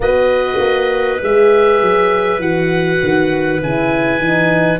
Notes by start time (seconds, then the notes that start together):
0.00 B3 F#4 B4 D#5
0.59 A#3
1.22 G#3 G#4 E5
1.81 F#3
2.38 E3 F#4 F#5
3.02 D#3
3.61 C#3 E4 G#5
4.19 E3 D#4